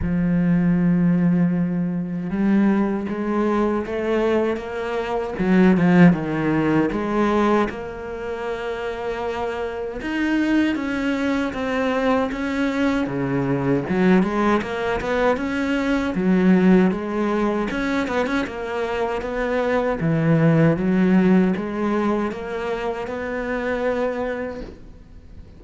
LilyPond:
\new Staff \with { instrumentName = "cello" } { \time 4/4 \tempo 4 = 78 f2. g4 | gis4 a4 ais4 fis8 f8 | dis4 gis4 ais2~ | ais4 dis'4 cis'4 c'4 |
cis'4 cis4 fis8 gis8 ais8 b8 | cis'4 fis4 gis4 cis'8 b16 cis'16 | ais4 b4 e4 fis4 | gis4 ais4 b2 | }